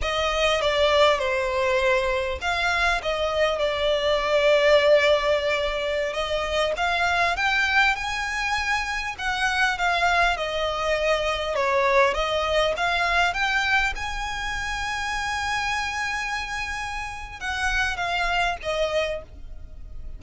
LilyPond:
\new Staff \with { instrumentName = "violin" } { \time 4/4 \tempo 4 = 100 dis''4 d''4 c''2 | f''4 dis''4 d''2~ | d''2~ d''16 dis''4 f''8.~ | f''16 g''4 gis''2 fis''8.~ |
fis''16 f''4 dis''2 cis''8.~ | cis''16 dis''4 f''4 g''4 gis''8.~ | gis''1~ | gis''4 fis''4 f''4 dis''4 | }